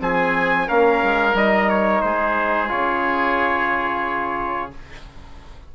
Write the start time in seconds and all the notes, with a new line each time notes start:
0.00 F3 C4 G#4 G#5
0.67 A#3 C#4 A#4 F5
1.03 G#3
1.34 G3 D#4 D#5
1.70 C#5
2.01 G#3 G#4 C5
2.69 C#3 F4 C#5